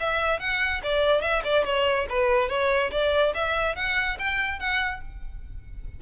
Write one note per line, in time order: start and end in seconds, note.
0.00 0.39 E5
0.39 0.81 F#5
0.83 1.21 D5
1.21 1.42 E5
1.44 1.64 D5
1.64 2.06 C#5
2.09 2.49 B4
2.49 2.90 C#5
2.91 3.33 D5
3.34 3.76 E5
3.76 4.17 F#5
4.19 4.59 G5
4.59 5.01 F#5